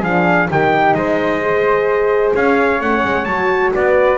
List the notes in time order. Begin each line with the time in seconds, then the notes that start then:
0.00 F3 D4 G#4 F5
0.49 D#3 D#4 G4 G5
0.94 G#3 C5 D#5
1.41 G#4
2.34 C#4 C#5 F5
2.81 A3 C#4 F#5
3.04 G#3
3.25 F#3 F#4 A5
3.74 B3 B4 D5